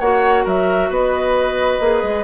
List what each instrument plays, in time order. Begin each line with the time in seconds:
0.00 bassoon A#3, clarinet F#4, oboe C#5, flute F#5
0.45 bassoon F#3, oboe A#4, flute E5
0.90 bassoon B3, oboe B4, flute D#5
1.81 bassoon A#3, clarinet G#4
2.03 bassoon G#3